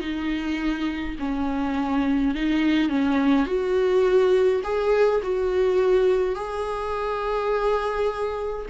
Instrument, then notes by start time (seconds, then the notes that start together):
viola
0.00 D#4
1.19 C#4
2.35 D#4
2.89 C#4
3.46 F#4
4.63 G#4
5.22 F#4
6.35 G#4